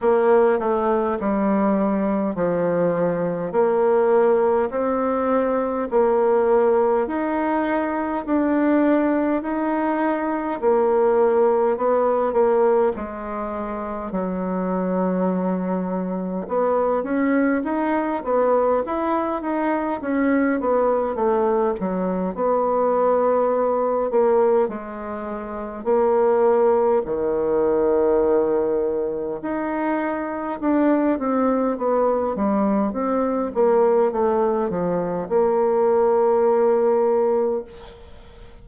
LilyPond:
\new Staff \with { instrumentName = "bassoon" } { \time 4/4 \tempo 4 = 51 ais8 a8 g4 f4 ais4 | c'4 ais4 dis'4 d'4 | dis'4 ais4 b8 ais8 gis4 | fis2 b8 cis'8 dis'8 b8 |
e'8 dis'8 cis'8 b8 a8 fis8 b4~ | b8 ais8 gis4 ais4 dis4~ | dis4 dis'4 d'8 c'8 b8 g8 | c'8 ais8 a8 f8 ais2 | }